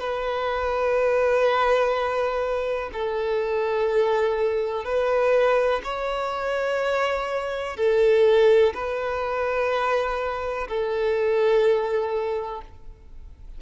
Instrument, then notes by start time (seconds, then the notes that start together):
violin
0.00 B4
2.93 A4
4.85 B4
5.85 C#5
7.77 A4
8.75 B4
10.68 A4